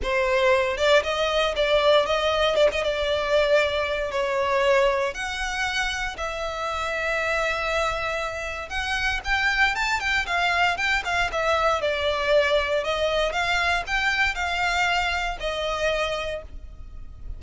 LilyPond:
\new Staff \with { instrumentName = "violin" } { \time 4/4 \tempo 4 = 117 c''4. d''8 dis''4 d''4 | dis''4 d''16 dis''16 d''2~ d''8 | cis''2 fis''2 | e''1~ |
e''4 fis''4 g''4 a''8 g''8 | f''4 g''8 f''8 e''4 d''4~ | d''4 dis''4 f''4 g''4 | f''2 dis''2 | }